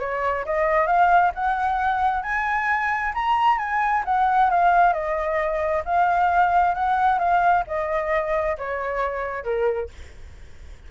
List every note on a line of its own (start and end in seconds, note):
0.00 0.45 C#5
0.46 0.87 D#5
0.87 1.32 F5
1.35 2.23 F#5
2.23 3.13 G#5
3.14 3.58 A#5
3.58 4.04 G#5
4.05 4.50 F#5
4.50 4.93 F5
4.93 5.83 D#5
5.85 6.75 F5
6.75 7.19 F#5
7.19 7.64 F5
7.67 8.57 D#5
8.58 9.44 C#5
9.44 9.89 A#4